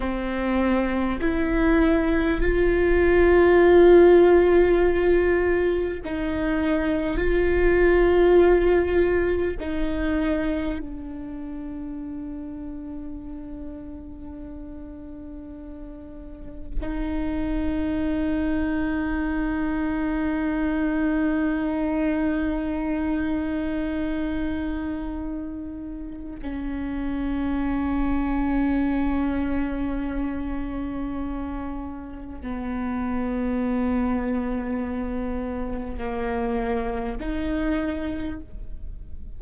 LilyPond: \new Staff \with { instrumentName = "viola" } { \time 4/4 \tempo 4 = 50 c'4 e'4 f'2~ | f'4 dis'4 f'2 | dis'4 d'2.~ | d'2 dis'2~ |
dis'1~ | dis'2 cis'2~ | cis'2. b4~ | b2 ais4 dis'4 | }